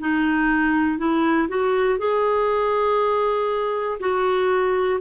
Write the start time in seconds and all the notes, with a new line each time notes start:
0.00 D#4
0.99 E4
1.49 F#4
1.99 G#4
4.00 F#4